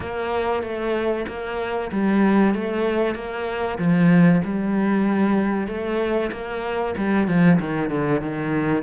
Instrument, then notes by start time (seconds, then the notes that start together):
cello
0.00 A#3
0.62 A3
1.27 A#3
1.91 G3
2.54 A3
3.14 A#3
3.78 F3
4.44 G3
5.67 A3
6.31 A#3
6.97 G3
7.27 F3
7.60 D#3
7.89 D3
8.21 D#3